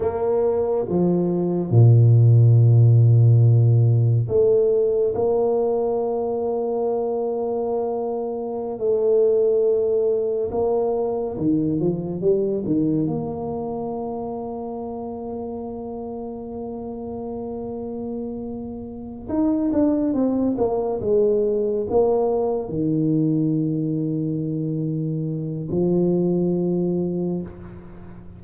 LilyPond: \new Staff \with { instrumentName = "tuba" } { \time 4/4 \tempo 4 = 70 ais4 f4 ais,2~ | ais,4 a4 ais2~ | ais2~ ais16 a4.~ a16~ | a16 ais4 dis8 f8 g8 dis8 ais8.~ |
ais1~ | ais2~ ais8 dis'8 d'8 c'8 | ais8 gis4 ais4 dis4.~ | dis2 f2 | }